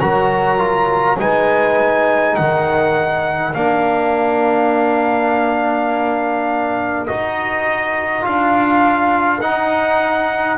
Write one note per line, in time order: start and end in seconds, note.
0.00 1.20 F#3
0.00 0.58 F#4
0.00 1.18 A#4
0.00 1.18 A#5
0.58 1.17 F4
1.18 2.37 G#3
1.18 3.54 D#4
1.18 2.36 B4
1.18 2.36 G#5
2.36 3.55 D#3
2.36 10.58 A#4
2.36 3.54 F#5
3.54 7.08 A#3
3.54 7.08 D4
3.54 7.07 F5
7.07 8.27 D#4
7.07 8.22 F#4
7.07 8.25 D#5
8.22 9.41 D4
8.22 9.39 F4
8.22 9.41 F5
9.41 10.58 D#4
9.41 10.58 F#5